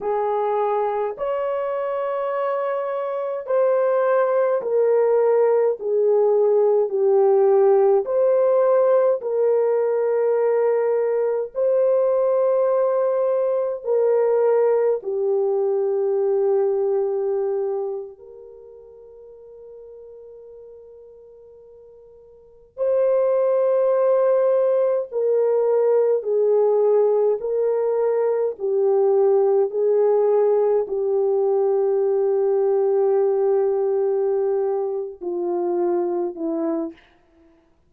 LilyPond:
\new Staff \with { instrumentName = "horn" } { \time 4/4 \tempo 4 = 52 gis'4 cis''2 c''4 | ais'4 gis'4 g'4 c''4 | ais'2 c''2 | ais'4 g'2~ g'8. ais'16~ |
ais'2.~ ais'8. c''16~ | c''4.~ c''16 ais'4 gis'4 ais'16~ | ais'8. g'4 gis'4 g'4~ g'16~ | g'2~ g'8 f'4 e'8 | }